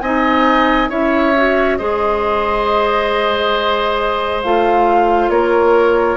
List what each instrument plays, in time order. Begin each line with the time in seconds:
0.00 bassoon C4, clarinet D#4, oboe D#5, flute G#5
0.89 bassoon C#4, clarinet E4, oboe C#5, flute E5
1.36 clarinet F#4
1.77 bassoon G#3, clarinet G#4, oboe C5, flute D#5
4.42 bassoon A3, clarinet F4, flute F5
5.29 bassoon A#3, oboe A#4, flute C#5